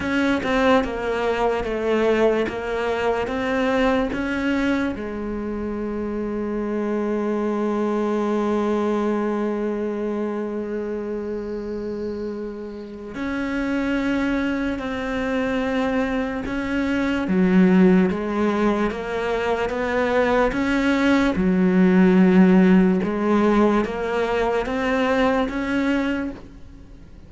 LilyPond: \new Staff \with { instrumentName = "cello" } { \time 4/4 \tempo 4 = 73 cis'8 c'8 ais4 a4 ais4 | c'4 cis'4 gis2~ | gis1~ | gis1 |
cis'2 c'2 | cis'4 fis4 gis4 ais4 | b4 cis'4 fis2 | gis4 ais4 c'4 cis'4 | }